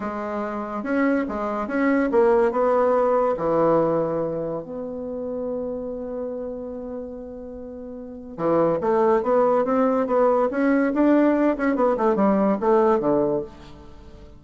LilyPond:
\new Staff \with { instrumentName = "bassoon" } { \time 4/4 \tempo 4 = 143 gis2 cis'4 gis4 | cis'4 ais4 b2 | e2. b4~ | b1~ |
b1 | e4 a4 b4 c'4 | b4 cis'4 d'4. cis'8 | b8 a8 g4 a4 d4 | }